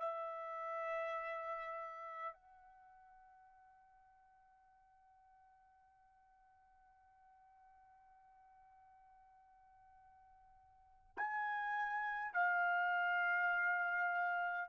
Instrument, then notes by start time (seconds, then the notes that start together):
trumpet
0.00 E5
2.34 F#5
11.17 G#5
12.34 F5